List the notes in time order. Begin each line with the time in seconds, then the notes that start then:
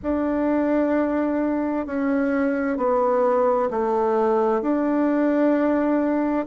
0.03 D4
1.86 C#4
2.77 B3
3.70 A3
4.62 D4